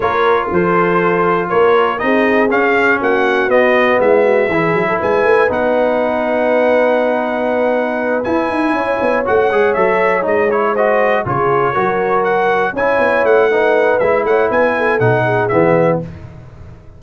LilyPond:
<<
  \new Staff \with { instrumentName = "trumpet" } { \time 4/4 \tempo 4 = 120 cis''4 c''2 cis''4 | dis''4 f''4 fis''4 dis''4 | e''2 gis''4 fis''4~ | fis''1~ |
fis''8 gis''2 fis''4 e''8~ | e''8 dis''8 cis''8 dis''4 cis''4.~ | cis''8 fis''4 gis''4 fis''4. | e''8 fis''8 gis''4 fis''4 e''4 | }
  \new Staff \with { instrumentName = "horn" } { \time 4/4 ais'4 a'2 ais'4 | gis'2 fis'2 | e'8 fis'8 gis'8. a'16 b'2~ | b'1~ |
b'4. cis''2~ cis''8~ | cis''4. c''4 gis'4 ais'8~ | ais'4. cis''4. b'4~ | b'8 cis''8 b'8 a'4 gis'4. | }
  \new Staff \with { instrumentName = "trombone" } { \time 4/4 f'1 | dis'4 cis'2 b4~ | b4 e'2 dis'4~ | dis'1~ |
dis'8 e'2 fis'8 gis'8 a'8~ | a'8 dis'8 e'8 fis'4 f'4 fis'8~ | fis'4. e'4. dis'4 | e'2 dis'4 b4 | }
  \new Staff \with { instrumentName = "tuba" } { \time 4/4 ais4 f2 ais4 | c'4 cis'4 ais4 b4 | gis4 e8 fis8 gis8 a8 b4~ | b1~ |
b8 e'8 dis'8 cis'8 b8 a8 gis8 fis8~ | fis8 gis2 cis4 fis8~ | fis4. cis'8 b8 a4. | gis8 a8 b4 b,4 e4 | }
>>